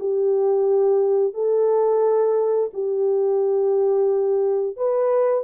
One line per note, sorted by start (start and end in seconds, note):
0.00 1.34 G4
1.34 2.70 A4
2.74 4.77 G4
4.77 5.45 B4